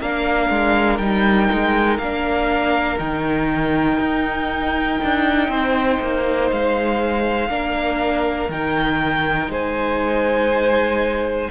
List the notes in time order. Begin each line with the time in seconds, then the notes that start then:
0.00 A#3 D4 A#4 F5
0.50 G#3
0.97 G3 D#4 G5
1.52 G#3
1.98 A#3 D4 F5
2.98 D#3 D#4 G5
3.99 D#4
5.04 D4
5.48 C4 C5
6.01 A#3
6.51 G#3 F5
7.49 A#3 D4 A#4
8.49 D#3 D#4 G5
9.48 G#3 C5 G#5